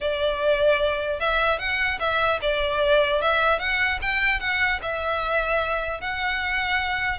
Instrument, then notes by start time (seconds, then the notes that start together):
violin
0.01 D5
1.19 E5
1.59 F#5
1.99 E5
2.41 D5
3.21 E5
3.59 F#5
4.01 G5
4.40 F#5
4.82 E5
6.00 F#5